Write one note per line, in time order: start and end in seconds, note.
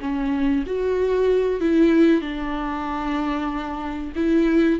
0.00 0.64 C#4
0.66 1.60 F#4
1.60 2.21 E4
2.21 4.12 D4
4.15 4.79 E4